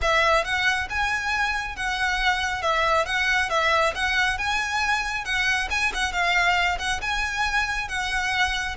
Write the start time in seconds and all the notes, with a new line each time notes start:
0.01 E5
0.44 F#5
0.89 G#5
1.76 F#5
2.62 E5
3.05 F#5
3.49 E5
3.94 F#5
4.38 G#5
5.24 F#5
5.70 G#5
5.94 F#5
6.12 F5
6.78 F#5
7.01 G#5
7.88 F#5